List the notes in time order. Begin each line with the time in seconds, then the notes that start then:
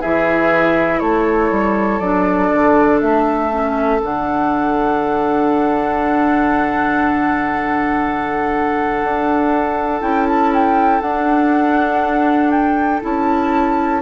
0.00 E3 E4 G#4 E5
1.00 A3 A4 C#5
1.51 G3
1.99 F#3 D4 D5
2.54 D3
3.01 A3 E5
3.51 C#4
4.03 D3 D4 F#5
9.03 D4
10.01 C#4 E4 G5
10.29 A5
10.54 G5
11.02 D4 F#5
12.51 G5
13.02 C#4 E4 A5